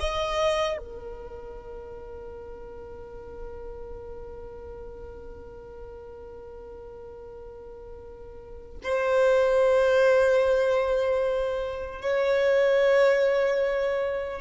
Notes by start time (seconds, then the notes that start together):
0.00 D#5
0.78 A#4
8.83 C5
12.02 C#5